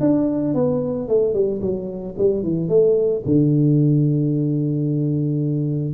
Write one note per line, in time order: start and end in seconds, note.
0.00 0.54 D4
0.54 1.08 B3
1.08 1.33 A3
1.33 1.60 G3
1.61 2.15 F#3
2.18 2.43 G3
2.43 2.68 E3
2.68 3.22 A3
3.25 5.94 D3